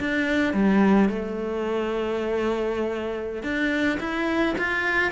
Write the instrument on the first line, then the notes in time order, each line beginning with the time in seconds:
cello
0.00 D4
0.54 G3
1.09 A3
3.43 D4
4.00 E4
4.58 F4